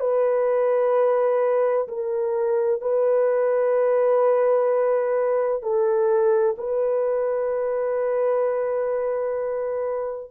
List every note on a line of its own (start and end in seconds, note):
0.00 1.87 B4
1.88 2.81 A#4
2.81 5.62 B4
5.62 6.56 A4
6.58 10.31 B4